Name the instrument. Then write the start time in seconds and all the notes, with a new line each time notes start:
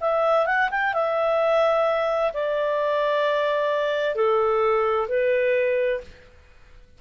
clarinet
0.00 E5
0.46 F#5
0.70 G5
0.94 E5
2.33 D5
4.15 A4
5.08 B4